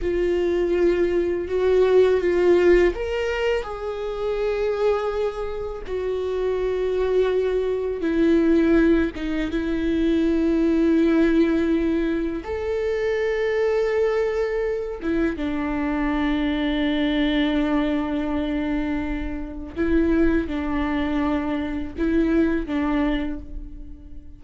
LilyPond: \new Staff \with { instrumentName = "viola" } { \time 4/4 \tempo 4 = 82 f'2 fis'4 f'4 | ais'4 gis'2. | fis'2. e'4~ | e'8 dis'8 e'2.~ |
e'4 a'2.~ | a'8 e'8 d'2.~ | d'2. e'4 | d'2 e'4 d'4 | }